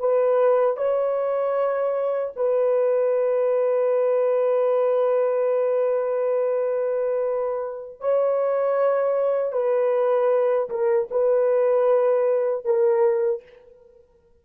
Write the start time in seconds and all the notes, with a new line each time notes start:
0.00 B4
0.77 C#5
2.36 B4
8.01 C#5
9.53 B4
10.70 A#4
11.11 B4
12.65 A#4